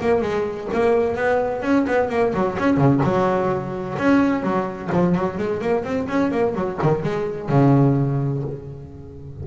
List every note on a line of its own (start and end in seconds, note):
0.00 0.21 A#3
0.21 0.68 G#3
0.73 1.15 A#3
1.15 1.62 B3
1.62 1.85 C#4
1.87 2.09 B3
2.09 2.32 A#3
2.34 2.57 F#3
2.58 2.77 C#4
2.77 3.00 C#3
3.04 3.97 F#3
3.98 4.43 C#4
4.43 4.90 F#3
4.92 5.15 F3
5.15 5.38 F#3
5.38 5.61 G#3
5.61 5.84 A#3
5.84 6.07 C4
6.08 6.31 C#4
6.31 6.54 A#3
6.54 6.78 F#3
6.82 7.03 D#3
7.03 7.49 G#3
7.49 8.43 C#3